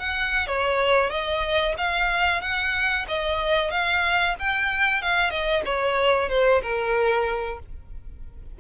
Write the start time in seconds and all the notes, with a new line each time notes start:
0.00 F#5
0.48 C#5
1.11 D#5
1.78 F5
2.41 F#5
3.09 D#5
3.71 F5
4.40 G5
5.03 F5
5.30 D#5
5.65 C#5
6.30 C5
6.63 A#4